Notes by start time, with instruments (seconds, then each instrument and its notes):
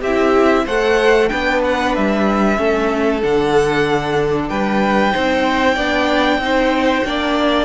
0.00 cello C4, violin G4 E5
0.07 viola E4
0.66 cello A3, viola A4, violin C5 F#5
1.29 cello B3, viola D4, violin B4 G5
1.64 violin F#5
1.96 cello G3, violin E5
2.57 cello A3, viola C#4, violin A4
3.22 cello D3, viola D4, violin F#5
4.49 cello G3, violin B4 G5
5.12 cello C4, viola D#4, violin C5
5.75 cello B3, viola D4, violin D5
6.39 cello C4, viola D#4
6.45 violin C5
7.05 cello A#3, viola D4, violin D5